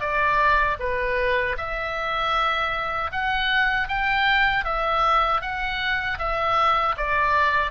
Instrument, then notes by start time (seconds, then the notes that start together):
oboe
0.00 D5
0.79 B4
1.57 E5
3.12 F#5
3.88 G5
4.64 E5
5.41 F#5
6.19 E5
6.97 D5